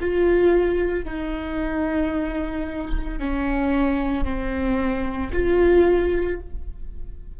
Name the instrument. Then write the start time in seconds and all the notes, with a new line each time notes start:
viola
0.00 F4
1.05 D#4
3.19 C#4
4.24 C4
5.33 F4